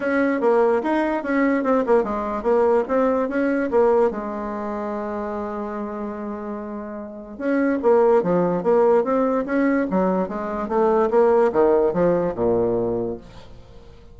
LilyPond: \new Staff \with { instrumentName = "bassoon" } { \time 4/4 \tempo 4 = 146 cis'4 ais4 dis'4 cis'4 | c'8 ais8 gis4 ais4 c'4 | cis'4 ais4 gis2~ | gis1~ |
gis2 cis'4 ais4 | f4 ais4 c'4 cis'4 | fis4 gis4 a4 ais4 | dis4 f4 ais,2 | }